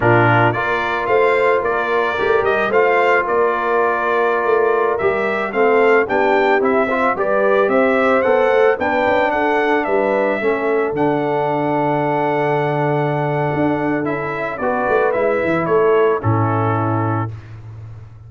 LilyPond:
<<
  \new Staff \with { instrumentName = "trumpet" } { \time 4/4 \tempo 4 = 111 ais'4 d''4 f''4 d''4~ | d''8 dis''8 f''4 d''2~ | d''4~ d''16 e''4 f''4 g''8.~ | g''16 e''4 d''4 e''4 fis''8.~ |
fis''16 g''4 fis''4 e''4.~ e''16~ | e''16 fis''2.~ fis''8.~ | fis''2 e''4 d''4 | e''4 cis''4 a'2 | }
  \new Staff \with { instrumentName = "horn" } { \time 4/4 f'4 ais'4 c''4 ais'4~ | ais'4 c''4 ais'2~ | ais'2~ ais'16 a'4 g'8.~ | g'8. c''8 b'4 c''4.~ c''16~ |
c''16 b'4 a'4 b'4 a'8.~ | a'1~ | a'2. b'4~ | b'4 a'4 e'2 | }
  \new Staff \with { instrumentName = "trombone" } { \time 4/4 d'4 f'2. | g'4 f'2.~ | f'4~ f'16 g'4 c'4 d'8.~ | d'16 e'8 f'8 g'2 a'8.~ |
a'16 d'2. cis'8.~ | cis'16 d'2.~ d'8.~ | d'2 e'4 fis'4 | e'2 cis'2 | }
  \new Staff \with { instrumentName = "tuba" } { \time 4/4 ais,4 ais4 a4 ais4 | a8 g8 a4 ais2~ | ais16 a4 g4 a4 b8.~ | b16 c'4 g4 c'4 b8 a16~ |
a16 b8 cis'8 d'4 g4 a8.~ | a16 d2.~ d8.~ | d4 d'4 cis'4 b8 a8 | gis8 e8 a4 a,2 | }
>>